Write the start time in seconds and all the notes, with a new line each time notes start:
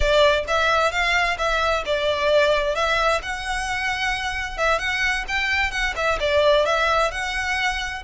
0.00 D5
0.47 E5
0.91 F5
1.37 E5
1.85 D5
2.75 E5
3.22 F#5
4.57 E5
4.79 F#5
5.28 G5
5.71 F#5
5.95 E5
6.19 D5
6.65 E5
7.11 F#5